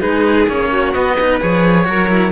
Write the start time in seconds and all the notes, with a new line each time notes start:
0.00 G#3 D#4 G#4 B4
0.48 A#3 C#4 C#5
0.72 F#4
0.93 B3 D#5
1.16 D#4 B4
1.41 F3 G#4 C#5
1.85 F#3 F#4 A#4
2.09 E4